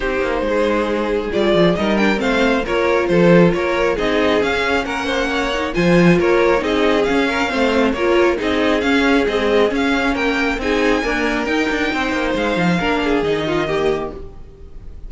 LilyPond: <<
  \new Staff \with { instrumentName = "violin" } { \time 4/4 \tempo 4 = 136 c''2. d''4 | dis''8 g''8 f''4 cis''4 c''4 | cis''4 dis''4 f''4 fis''4~ | fis''4 gis''4 cis''4 dis''4 |
f''2 cis''4 dis''4 | f''4 dis''4 f''4 g''4 | gis''2 g''2 | f''2 dis''2 | }
  \new Staff \with { instrumentName = "violin" } { \time 4/4 g'4 gis'2. | ais'4 c''4 ais'4 a'4 | ais'4 gis'2 ais'8 c''8 | cis''4 c''4 ais'4 gis'4~ |
gis'8 ais'8 c''4 ais'4 gis'4~ | gis'2. ais'4 | gis'4 ais'2 c''4~ | c''4 ais'8 gis'4 f'8 g'4 | }
  \new Staff \with { instrumentName = "viola" } { \time 4/4 dis'2. f'4 | dis'8 d'8 c'4 f'2~ | f'4 dis'4 cis'2~ | cis'8 dis'8 f'2 dis'4 |
cis'4 c'4 f'4 dis'4 | cis'4 gis4 cis'2 | dis'4 ais4 dis'2~ | dis'4 d'4 dis'4 ais4 | }
  \new Staff \with { instrumentName = "cello" } { \time 4/4 c'8 ais8 gis2 g8 f8 | g4 a4 ais4 f4 | ais4 c'4 cis'4 ais4~ | ais4 f4 ais4 c'4 |
cis'4 a4 ais4 c'4 | cis'4 c'4 cis'4 ais4 | c'4 d'4 dis'8 d'8 c'8 ais8 | gis8 f8 ais4 dis2 | }
>>